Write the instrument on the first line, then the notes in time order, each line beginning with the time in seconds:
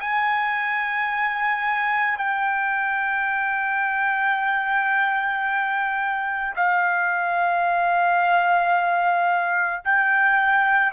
trumpet
0.00 G#5
2.18 G5
6.56 F5
9.84 G5